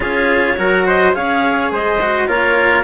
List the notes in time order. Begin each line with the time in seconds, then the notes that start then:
0.00 C#4 F4 G#4 C#5
0.56 F#3 F#4 A#4
0.86 C5 D#5
1.12 C#4 G#4 C#5 F5
1.71 G#3 C5 D#5
2.01 F#4
2.27 A#3 F4 A#4 C#5